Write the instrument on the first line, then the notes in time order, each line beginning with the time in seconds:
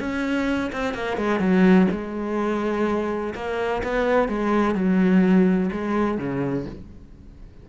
cello
0.00 C#4
0.73 C4
0.94 A#3
1.18 G#3
1.40 F#3
1.92 G#3
3.35 A#3
3.83 B3
4.29 G#3
4.75 F#3
5.72 G#3
6.18 C#3